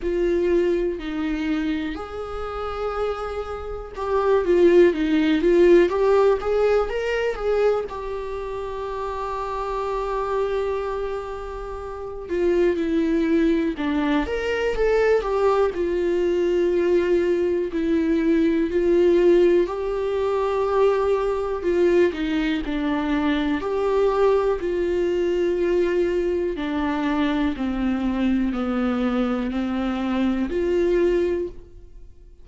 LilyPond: \new Staff \with { instrumentName = "viola" } { \time 4/4 \tempo 4 = 61 f'4 dis'4 gis'2 | g'8 f'8 dis'8 f'8 g'8 gis'8 ais'8 gis'8 | g'1~ | g'8 f'8 e'4 d'8 ais'8 a'8 g'8 |
f'2 e'4 f'4 | g'2 f'8 dis'8 d'4 | g'4 f'2 d'4 | c'4 b4 c'4 f'4 | }